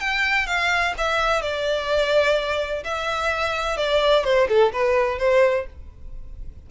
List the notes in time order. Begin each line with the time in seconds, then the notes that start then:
0.00 G5
0.46 F5
0.97 E5
1.42 D5
2.84 E5
3.77 D5
4.24 C5
4.49 A4
4.73 B4
5.19 C5